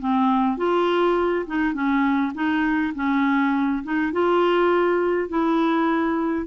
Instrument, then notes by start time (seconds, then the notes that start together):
clarinet
0.00 C4
0.57 F4
1.47 D#4
1.74 C#4
2.35 D#4
2.95 C#4
3.84 D#4
4.13 F4
5.29 E4